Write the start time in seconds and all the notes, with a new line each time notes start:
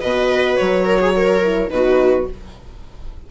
0.00 B2 F#4 B4 D#5
0.56 F#3 C#5
0.85 A#4
1.00 G#4
1.16 A#4
1.42 E4
1.68 B2 D#4 B4
1.74 F#4